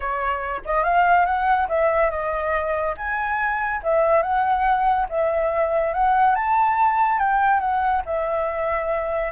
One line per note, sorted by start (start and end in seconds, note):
0.00 0.61 C#5
0.65 0.83 D#5
0.83 1.25 F5
1.25 1.67 F#5
1.68 2.10 E5
2.10 2.94 D#5
2.97 3.81 G#5
3.83 4.22 E5
4.22 5.06 F#5
5.09 5.93 E5
5.93 6.35 F#5
6.35 7.19 A5
7.19 7.60 G5
7.60 8.02 F#5
8.05 9.32 E5